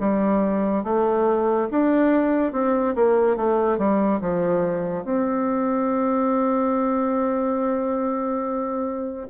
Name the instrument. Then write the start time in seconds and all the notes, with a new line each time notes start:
bassoon
0.00 G3
0.84 A3
1.71 D4
2.53 C4
2.95 A#3
3.37 A3
3.78 G3
4.21 F3
5.05 C4